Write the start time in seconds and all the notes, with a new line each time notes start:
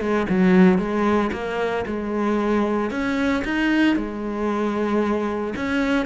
0.00 G#3
0.29 F#3
0.78 G#3
1.32 A#3
1.86 G#3
2.90 C#4
3.44 D#4
3.96 G#3
5.56 C#4